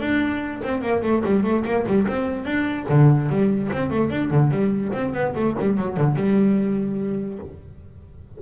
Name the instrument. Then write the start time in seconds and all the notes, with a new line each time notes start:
double bass
0.00 D4
0.64 C4
0.82 A#3
1.03 A3
1.25 G3
1.43 A3
1.65 A#3
1.87 G3
2.08 C4
2.45 D4
2.89 D3
3.30 G3
3.73 C4
3.90 A3
4.10 D4
4.31 D3
4.51 G3
4.93 C4
5.14 B3
5.36 A3
5.59 G3
5.77 F#3
5.97 D3
6.16 G3